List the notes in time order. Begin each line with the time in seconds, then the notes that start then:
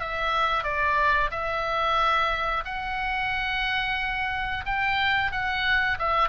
0.00 E5
0.64 D5
1.31 E5
2.65 F#5
4.66 G5
5.32 F#5
5.99 E5